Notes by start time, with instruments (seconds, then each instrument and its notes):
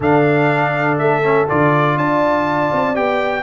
0.00 tuba D3, trombone D4, horn A4, trumpet F5
0.97 tuba A3, trumpet E5
1.23 trombone C#4
1.48 tuba D3, trombone F4, trumpet D5
1.96 tuba D4, horn D5, trumpet A5
2.72 tuba C4
2.94 tuba B3, trombone G4, trumpet G5